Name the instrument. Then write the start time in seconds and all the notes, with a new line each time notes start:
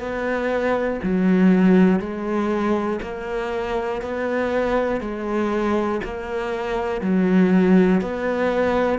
cello
0.00 B3
1.03 F#3
2.00 G#3
3.03 A#3
4.02 B3
5.01 G#3
6.05 A#3
7.02 F#3
8.02 B3